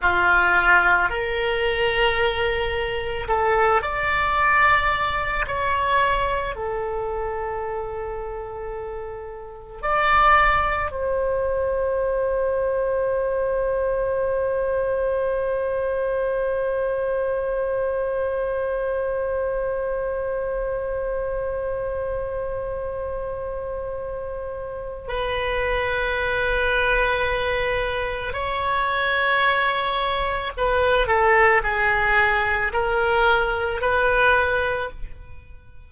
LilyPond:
\new Staff \with { instrumentName = "oboe" } { \time 4/4 \tempo 4 = 55 f'4 ais'2 a'8 d''8~ | d''4 cis''4 a'2~ | a'4 d''4 c''2~ | c''1~ |
c''1~ | c''2. b'4~ | b'2 cis''2 | b'8 a'8 gis'4 ais'4 b'4 | }